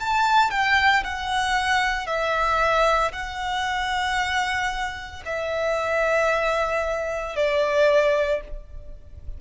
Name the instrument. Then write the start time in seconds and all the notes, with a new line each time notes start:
violin
0.00 A5
0.51 G5
1.04 F#5
2.07 E5
3.12 F#5
5.26 E5
7.36 D5